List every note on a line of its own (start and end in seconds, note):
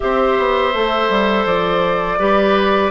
0.00 0.38 C4
0.00 0.73 G4
0.00 2.18 C5
0.00 1.46 E5
0.38 0.74 B3
0.74 1.09 A3
0.74 2.19 A4
1.09 1.45 G3
1.45 2.18 F3
1.45 2.91 D5
2.18 2.91 G3
2.18 2.91 G4
2.18 2.91 B4